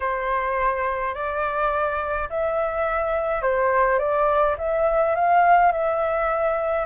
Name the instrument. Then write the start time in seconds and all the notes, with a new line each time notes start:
flute
0.00 C5
1.14 D5
2.29 E5
3.42 C5
3.98 D5
4.58 E5
5.15 F5
5.71 E5